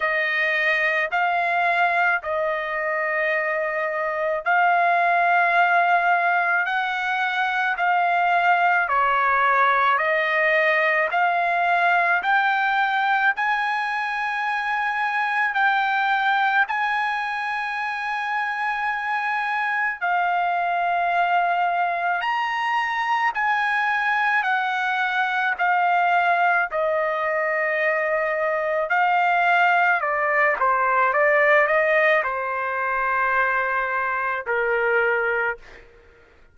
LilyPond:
\new Staff \with { instrumentName = "trumpet" } { \time 4/4 \tempo 4 = 54 dis''4 f''4 dis''2 | f''2 fis''4 f''4 | cis''4 dis''4 f''4 g''4 | gis''2 g''4 gis''4~ |
gis''2 f''2 | ais''4 gis''4 fis''4 f''4 | dis''2 f''4 d''8 c''8 | d''8 dis''8 c''2 ais'4 | }